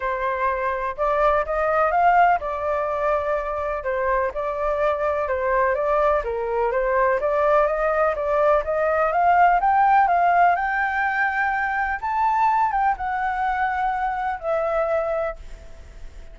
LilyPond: \new Staff \with { instrumentName = "flute" } { \time 4/4 \tempo 4 = 125 c''2 d''4 dis''4 | f''4 d''2. | c''4 d''2 c''4 | d''4 ais'4 c''4 d''4 |
dis''4 d''4 dis''4 f''4 | g''4 f''4 g''2~ | g''4 a''4. g''8 fis''4~ | fis''2 e''2 | }